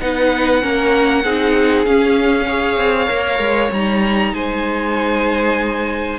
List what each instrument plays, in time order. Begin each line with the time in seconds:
0.00 cello B3, viola D#4, violin B4 F#5
0.62 cello A#3, viola C#4, violin A#4
1.24 cello C4, viola D#4, violin G#4
1.85 viola C#4, cello C#4, violin F5
2.46 viola G#4, violin C#5
2.77 cello C4
3.07 cello A#3, viola A#4
3.39 cello G#3
3.72 cello G3, viola D#4, violin A#5
4.33 cello G#3, violin C5 G#5